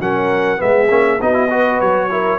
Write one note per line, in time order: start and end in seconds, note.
0.00 0.60 F#3
0.00 0.58 C#4
0.00 0.61 A#4
0.00 0.62 F#5
0.58 0.90 G#3
0.58 0.88 B3
0.58 1.21 G#4
0.58 1.22 E5
0.90 1.20 A#3
0.90 1.20 C#4
1.22 1.81 B3
1.22 1.34 D#4
1.22 1.50 F#4
1.22 1.81 D#5
1.34 1.49 E4
1.50 2.10 F#4
1.50 2.10 B4
1.81 2.39 F#3
1.81 2.39 C#5
2.11 2.39 E4
2.11 2.39 A#4